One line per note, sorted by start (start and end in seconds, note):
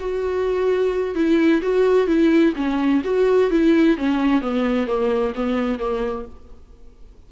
0.00 1.15 F#4
1.15 1.62 E4
1.62 2.07 F#4
2.07 2.53 E4
2.56 3.02 C#4
3.04 3.51 F#4
3.51 3.97 E4
3.97 4.41 C#4
4.41 4.87 B3
4.87 5.34 A#3
5.35 5.79 B3
5.79 6.26 A#3